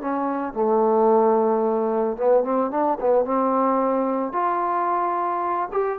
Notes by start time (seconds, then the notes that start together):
0.00 C#4
0.53 A3
2.16 B3
2.43 C4
2.70 D4
3.00 B3
3.25 C4
4.32 F4
5.72 G4